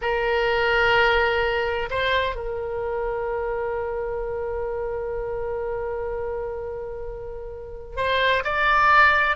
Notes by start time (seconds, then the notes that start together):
0.01 A#4
1.90 C5
2.35 A#4
7.96 C5
8.44 D5